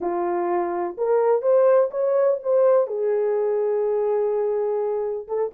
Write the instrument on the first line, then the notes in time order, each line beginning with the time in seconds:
horn
0.00 F4
0.97 A#4
1.41 C5
1.90 C#5
2.42 C5
2.87 G#4
5.27 A4